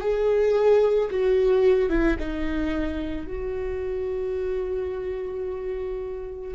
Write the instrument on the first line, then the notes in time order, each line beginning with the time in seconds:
viola
0.00 G#4
1.10 F#4
1.89 E4
2.19 D#4
3.26 F#4